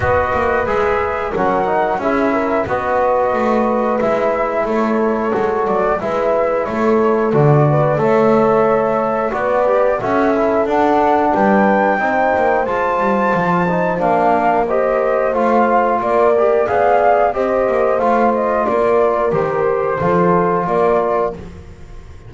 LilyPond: <<
  \new Staff \with { instrumentName = "flute" } { \time 4/4 \tempo 4 = 90 dis''4 e''4 fis''4 e''4 | dis''2 e''4 cis''4~ | cis''8 d''8 e''4 cis''4 d''4 | e''2 d''4 e''4 |
fis''4 g''2 a''4~ | a''4 f''4 dis''4 f''4 | d''4 f''4 dis''4 f''8 dis''8 | d''4 c''2 d''4 | }
  \new Staff \with { instrumentName = "horn" } { \time 4/4 b'2 ais'4 gis'8 ais'8 | b'2. a'4~ | a'4 b'4 a'4. b'8 | cis''2 b'4 a'4~ |
a'4 b'4 c''2~ | c''4. ais'8 c''2 | ais'4 d''4 c''2 | ais'2 a'4 ais'4 | }
  \new Staff \with { instrumentName = "trombone" } { \time 4/4 fis'4 gis'4 cis'8 dis'8 e'4 | fis'2 e'2 | fis'4 e'2 fis'4 | a'2 fis'8 g'8 fis'8 e'8 |
d'2 dis'4 f'4~ | f'8 dis'8 d'4 g'4 f'4~ | f'8 g'8 gis'4 g'4 f'4~ | f'4 g'4 f'2 | }
  \new Staff \with { instrumentName = "double bass" } { \time 4/4 b8 ais8 gis4 fis4 cis'4 | b4 a4 gis4 a4 | gis8 fis8 gis4 a4 d4 | a2 b4 cis'4 |
d'4 g4 c'8 ais8 gis8 g8 | f4 ais2 a4 | ais4 b4 c'8 ais8 a4 | ais4 dis4 f4 ais4 | }
>>